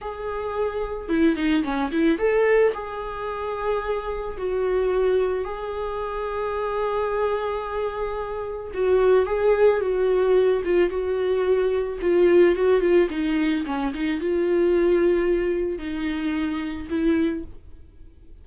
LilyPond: \new Staff \with { instrumentName = "viola" } { \time 4/4 \tempo 4 = 110 gis'2 e'8 dis'8 cis'8 e'8 | a'4 gis'2. | fis'2 gis'2~ | gis'1 |
fis'4 gis'4 fis'4. f'8 | fis'2 f'4 fis'8 f'8 | dis'4 cis'8 dis'8 f'2~ | f'4 dis'2 e'4 | }